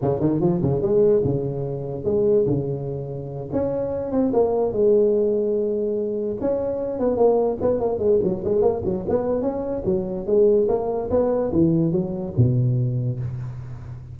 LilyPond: \new Staff \with { instrumentName = "tuba" } { \time 4/4 \tempo 4 = 146 cis8 dis8 f8 cis8 gis4 cis4~ | cis4 gis4 cis2~ | cis8 cis'4. c'8 ais4 gis8~ | gis2.~ gis8 cis'8~ |
cis'4 b8 ais4 b8 ais8 gis8 | fis8 gis8 ais8 fis8 b4 cis'4 | fis4 gis4 ais4 b4 | e4 fis4 b,2 | }